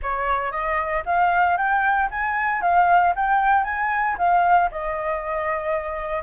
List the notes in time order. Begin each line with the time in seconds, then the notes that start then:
0.02 C#5
0.51 D#5
1.05 F5
1.57 G5
2.10 G#5
2.61 F5
3.15 G5
3.64 G#5
4.17 F5
4.71 D#5